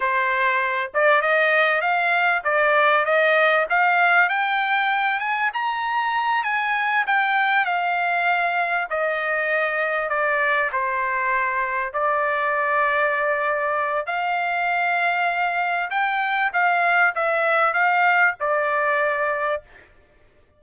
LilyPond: \new Staff \with { instrumentName = "trumpet" } { \time 4/4 \tempo 4 = 98 c''4. d''8 dis''4 f''4 | d''4 dis''4 f''4 g''4~ | g''8 gis''8 ais''4. gis''4 g''8~ | g''8 f''2 dis''4.~ |
dis''8 d''4 c''2 d''8~ | d''2. f''4~ | f''2 g''4 f''4 | e''4 f''4 d''2 | }